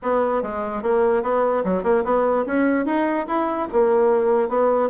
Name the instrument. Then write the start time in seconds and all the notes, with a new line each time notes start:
bassoon
0.02 B3
0.42 G#3
0.82 A#3
1.22 B3
1.64 F#3
1.83 A#3
2.04 B3
2.46 C#4
2.85 D#4
3.27 E4
3.72 A#3
4.48 B3